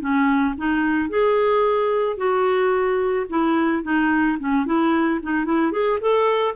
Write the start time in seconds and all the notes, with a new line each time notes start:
0.00 C#4
0.58 D#4
1.09 G#4
2.17 F#4
3.29 E4
3.83 D#4
4.39 C#4
4.66 E4
5.23 D#4
5.45 E4
5.72 G#4
6.00 A4